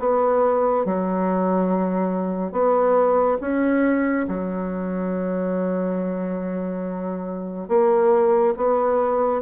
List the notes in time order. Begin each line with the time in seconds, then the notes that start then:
0.00 B3
0.86 F#3
2.52 B3
3.41 C#4
4.28 F#3
7.69 A#3
8.57 B3